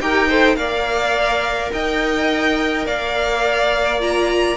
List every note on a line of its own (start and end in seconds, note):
0.00 0.56 D#4
0.00 0.29 G4
0.00 0.28 A#4
0.00 0.56 G5
0.28 0.58 A4
0.28 0.56 C5
0.56 1.71 A#3
0.56 3.99 A#4
0.56 1.72 D5
0.56 1.70 F5
1.72 2.86 D#4
1.72 2.86 D#5
1.72 2.86 G5
2.86 4.56 A#3
2.86 4.56 D5
2.86 4.01 F5
3.99 4.56 F4
3.99 4.56 A#5